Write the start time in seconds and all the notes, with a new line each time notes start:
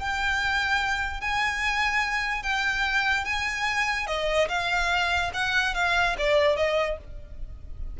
0.00 G5
1.21 G#5
2.43 G5
3.25 G#5
4.07 D#5
4.49 F5
5.34 F#5
5.75 F5
6.18 D5
6.56 D#5